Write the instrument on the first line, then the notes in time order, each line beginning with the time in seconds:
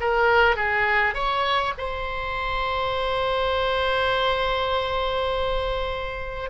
oboe
0.00 A#4
0.56 G#4
1.14 C#5
1.78 C5